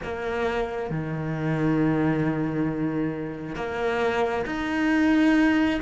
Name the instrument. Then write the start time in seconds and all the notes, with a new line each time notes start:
cello
0.02 A#3
0.90 D#3
3.55 A#3
4.46 D#4